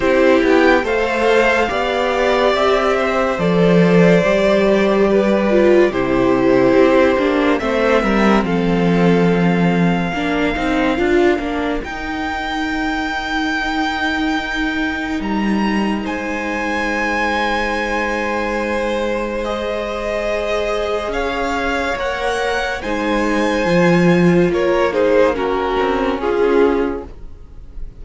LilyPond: <<
  \new Staff \with { instrumentName = "violin" } { \time 4/4 \tempo 4 = 71 c''8 g''8 f''2 e''4 | d''2. c''4~ | c''4 e''4 f''2~ | f''2 g''2~ |
g''2 ais''4 gis''4~ | gis''2. dis''4~ | dis''4 f''4 fis''4 gis''4~ | gis''4 cis''8 c''8 ais'4 gis'4 | }
  \new Staff \with { instrumentName = "violin" } { \time 4/4 g'4 c''4 d''4. c''8~ | c''2 b'4 g'4~ | g'4 c''8 ais'8 a'2 | ais'1~ |
ais'2. c''4~ | c''1~ | c''4 cis''2 c''4~ | c''4 ais'8 gis'8 fis'4 f'4 | }
  \new Staff \with { instrumentName = "viola" } { \time 4/4 e'4 a'4 g'2 | a'4 g'4. f'8 e'4~ | e'8 d'8 c'2. | d'8 dis'8 f'8 d'8 dis'2~ |
dis'1~ | dis'2. gis'4~ | gis'2 ais'4 dis'4 | f'4. dis'8 cis'2 | }
  \new Staff \with { instrumentName = "cello" } { \time 4/4 c'8 b8 a4 b4 c'4 | f4 g2 c4 | c'8 ais8 a8 g8 f2 | ais8 c'8 d'8 ais8 dis'2~ |
dis'2 g4 gis4~ | gis1~ | gis4 cis'4 ais4 gis4 | f4 ais4. c'8 cis'4 | }
>>